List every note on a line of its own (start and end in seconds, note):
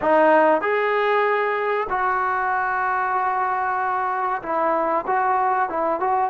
0.01 0.61 D#4
0.61 1.87 G#4
1.89 4.42 F#4
4.42 5.05 E4
5.06 5.69 F#4
5.69 6.00 E4
6.00 6.30 F#4